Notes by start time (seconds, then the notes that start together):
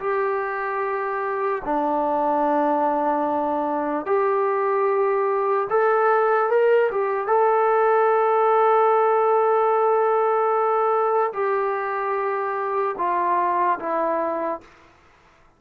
0.00 G4
1.65 D4
4.06 G4
5.70 A4
6.50 A#4
6.92 G4
7.28 A4
11.33 G4
12.98 F4
13.79 E4